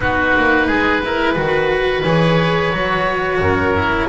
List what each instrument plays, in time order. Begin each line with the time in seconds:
0.00 double bass B3, cello D#4, oboe F#4 B4
0.37 double bass A#3
0.66 double bass G#3, oboe G#4
1.04 cello E4, oboe A#4
1.33 double bass D#3, cello F#4, oboe B4
2.03 double bass E3, cello G#4, oboe C#5
2.72 double bass F#3, cello F#4
3.39 double bass F#2, oboe A#4
3.75 cello E4